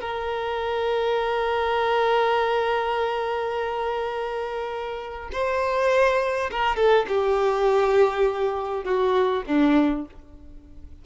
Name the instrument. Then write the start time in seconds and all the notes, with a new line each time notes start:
violin
0.00 A#4
5.32 C5
6.51 A#4
6.76 A4
7.08 G4
8.84 F#4
9.46 D4